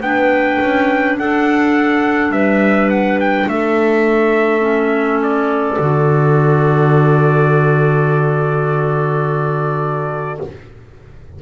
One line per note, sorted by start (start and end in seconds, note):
0.00 0.58 B3
0.00 4.60 D4
0.00 1.18 B4
0.00 1.17 G5
0.60 1.18 C#4
1.18 2.29 D4
1.18 2.33 A4
1.18 2.31 F#5
2.29 3.44 G3
2.29 3.48 B4
2.29 2.89 E5
2.90 3.19 F#5
3.20 3.48 G5
3.46 5.77 A3
3.46 10.41 A4
3.46 5.21 E5
4.60 5.75 C#4
5.22 10.41 D5
5.78 10.39 D3
5.78 10.40 F#4